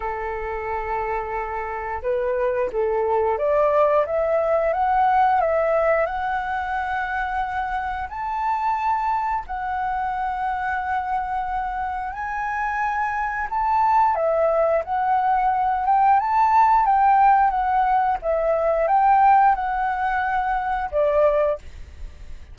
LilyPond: \new Staff \with { instrumentName = "flute" } { \time 4/4 \tempo 4 = 89 a'2. b'4 | a'4 d''4 e''4 fis''4 | e''4 fis''2. | a''2 fis''2~ |
fis''2 gis''2 | a''4 e''4 fis''4. g''8 | a''4 g''4 fis''4 e''4 | g''4 fis''2 d''4 | }